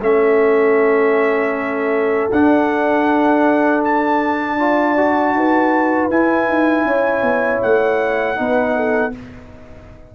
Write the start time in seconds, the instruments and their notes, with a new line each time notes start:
0.00 tuba A3, trombone C#4, horn A4, trumpet E5
2.32 tuba D4, trombone D4, trumpet F#5
3.84 trumpet A5
4.58 trombone F4, horn D5
4.97 trombone F#4
5.34 tuba D#4, horn B4
6.10 tuba E4, trombone E4, trumpet G#5
6.48 tuba D#4
6.85 tuba C#4, horn C#5
7.22 tuba B3
7.62 tuba A3, trumpet F#5
8.36 tuba B3, trombone D#4, horn B4
8.76 horn A4